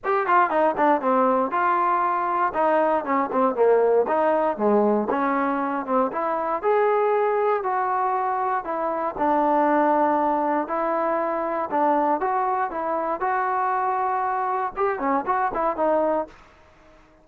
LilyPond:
\new Staff \with { instrumentName = "trombone" } { \time 4/4 \tempo 4 = 118 g'8 f'8 dis'8 d'8 c'4 f'4~ | f'4 dis'4 cis'8 c'8 ais4 | dis'4 gis4 cis'4. c'8 | e'4 gis'2 fis'4~ |
fis'4 e'4 d'2~ | d'4 e'2 d'4 | fis'4 e'4 fis'2~ | fis'4 g'8 cis'8 fis'8 e'8 dis'4 | }